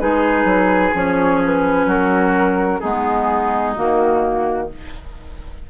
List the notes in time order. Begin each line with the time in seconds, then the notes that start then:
0.00 G#3 D#4 G#4 B4
0.45 F#3
0.94 F3 C#4 C#5
1.46 B4
1.86 F#3 F#4 A#4
2.80 G#3 B3 D#4 G#4
3.75 D#3 A#3 F#4